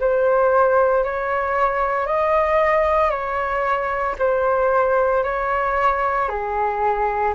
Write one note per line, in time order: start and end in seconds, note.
0.00 1.04 C5
1.04 2.07 C#5
2.07 3.11 D#5
3.11 4.16 C#5
4.19 5.24 C5
5.24 6.29 C#5
6.29 7.34 G#4